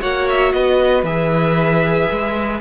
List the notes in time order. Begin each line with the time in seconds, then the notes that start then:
0.00 A#3 F#4 C#5 F#5
0.29 E5
0.53 B3 B4 D#5
1.03 E3 G#4 E5
2.12 G#3